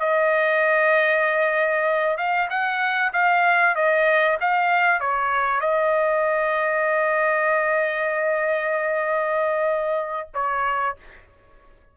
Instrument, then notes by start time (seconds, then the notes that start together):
trumpet
0.00 D#5
2.18 F5
2.50 F#5
3.13 F5
3.76 D#5
4.41 F5
5.01 C#5
5.61 D#5
10.34 C#5